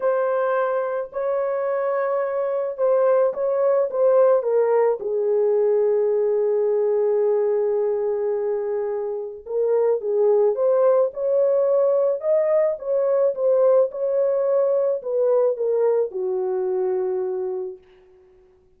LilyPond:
\new Staff \with { instrumentName = "horn" } { \time 4/4 \tempo 4 = 108 c''2 cis''2~ | cis''4 c''4 cis''4 c''4 | ais'4 gis'2.~ | gis'1~ |
gis'4 ais'4 gis'4 c''4 | cis''2 dis''4 cis''4 | c''4 cis''2 b'4 | ais'4 fis'2. | }